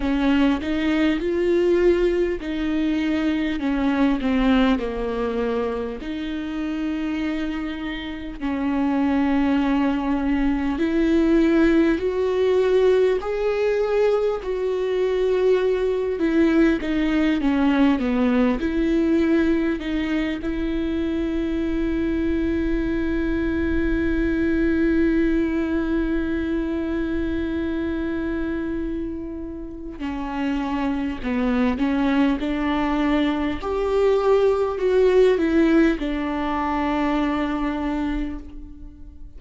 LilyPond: \new Staff \with { instrumentName = "viola" } { \time 4/4 \tempo 4 = 50 cis'8 dis'8 f'4 dis'4 cis'8 c'8 | ais4 dis'2 cis'4~ | cis'4 e'4 fis'4 gis'4 | fis'4. e'8 dis'8 cis'8 b8 e'8~ |
e'8 dis'8 e'2.~ | e'1~ | e'4 cis'4 b8 cis'8 d'4 | g'4 fis'8 e'8 d'2 | }